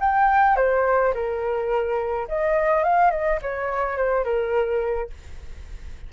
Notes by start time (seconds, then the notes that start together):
0.00 G5
0.56 C5
1.14 A#4
2.28 D#5
2.83 F5
3.11 D#5
3.42 C#5
3.97 C5
4.24 A#4